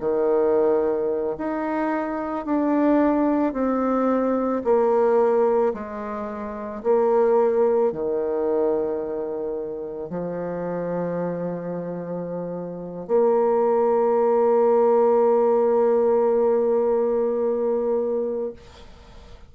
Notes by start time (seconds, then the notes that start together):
0.00 D#3
1.38 D#4
2.45 D4
3.53 C4
4.64 A#3
5.74 G#3
6.83 A#3
7.92 D#3
10.10 F3
13.08 A#3